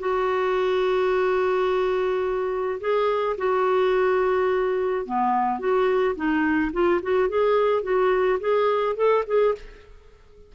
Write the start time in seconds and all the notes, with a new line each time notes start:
0.00 F#4
2.81 G#4
3.38 F#4
5.06 B3
5.60 F#4
6.16 D#4
6.73 F4
7.03 F#4
7.29 G#4
7.84 F#4
8.41 G#4
8.97 A4
9.27 G#4